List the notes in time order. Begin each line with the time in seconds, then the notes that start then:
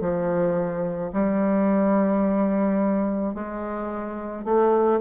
0.00 F3
1.12 G3
3.34 G#3
4.44 A3